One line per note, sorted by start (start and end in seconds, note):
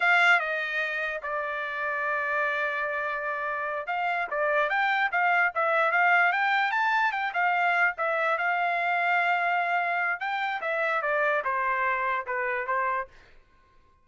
0.00 0.39 F5
0.39 1.21 D#5
1.22 3.87 D5
3.87 4.27 F5
4.30 4.69 D5
4.69 5.10 G5
5.11 5.52 F5
5.54 5.91 E5
5.91 6.32 F5
6.32 6.71 G5
6.71 7.12 A5
7.12 7.32 G5
7.33 7.94 F5
7.97 8.37 E5
8.37 10.20 F5
10.20 10.60 G5
10.61 11.01 E5
11.01 11.42 D5
11.44 12.26 C5
12.26 12.66 B4
12.66 13.07 C5